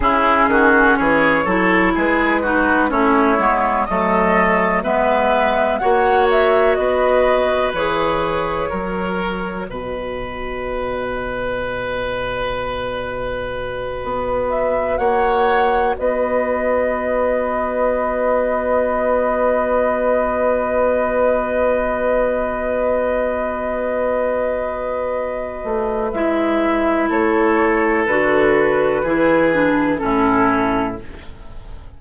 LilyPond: <<
  \new Staff \with { instrumentName = "flute" } { \time 4/4 \tempo 4 = 62 gis'4 cis''4 b'4 cis''4 | dis''4 e''4 fis''8 e''8 dis''4 | cis''2 dis''2~ | dis''2. e''8 fis''8~ |
fis''8 dis''2.~ dis''8~ | dis''1~ | dis''2. e''4 | cis''4 b'2 a'4 | }
  \new Staff \with { instrumentName = "oboe" } { \time 4/4 e'8 fis'8 gis'8 a'8 gis'8 fis'8 e'4 | a'4 b'4 cis''4 b'4~ | b'4 ais'4 b'2~ | b'2.~ b'8 cis''8~ |
cis''8 b'2.~ b'8~ | b'1~ | b'1 | a'2 gis'4 e'4 | }
  \new Staff \with { instrumentName = "clarinet" } { \time 4/4 cis'4. e'4 dis'8 cis'8 b8 | a4 b4 fis'2 | gis'4 fis'2.~ | fis'1~ |
fis'1~ | fis'1~ | fis'2. e'4~ | e'4 fis'4 e'8 d'8 cis'4 | }
  \new Staff \with { instrumentName = "bassoon" } { \time 4/4 cis8 dis8 e8 fis8 gis4 a8 gis8 | fis4 gis4 ais4 b4 | e4 fis4 b,2~ | b,2~ b,8 b4 ais8~ |
ais8 b2.~ b8~ | b1~ | b2~ b8 a8 gis4 | a4 d4 e4 a,4 | }
>>